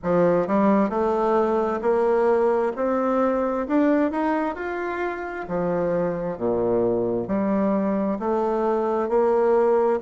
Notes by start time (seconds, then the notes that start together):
0.02 F3
0.47 G3
0.89 A3
1.81 A#3
2.76 C4
3.67 D4
4.11 D#4
4.55 F4
5.48 F3
6.37 A#2
7.27 G3
8.19 A3
9.08 A#3